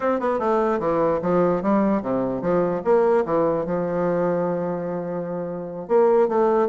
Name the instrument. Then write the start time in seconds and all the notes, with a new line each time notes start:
bassoon
0.00 C4
0.20 B3
0.39 A3
0.79 E3
1.22 F3
1.62 G3
2.02 C3
2.41 F3
2.84 A#3
3.25 E3
3.65 F3
5.87 A#3
6.28 A3